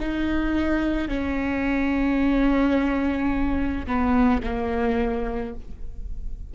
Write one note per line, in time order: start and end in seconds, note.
0.00 1.09 D#4
1.09 3.86 C#4
3.86 4.42 B3
4.43 5.54 A#3